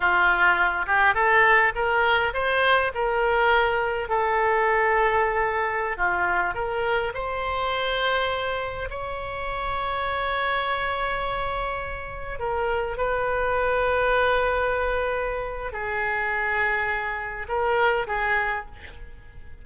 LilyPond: \new Staff \with { instrumentName = "oboe" } { \time 4/4 \tempo 4 = 103 f'4. g'8 a'4 ais'4 | c''4 ais'2 a'4~ | a'2~ a'16 f'4 ais'8.~ | ais'16 c''2. cis''8.~ |
cis''1~ | cis''4~ cis''16 ais'4 b'4.~ b'16~ | b'2. gis'4~ | gis'2 ais'4 gis'4 | }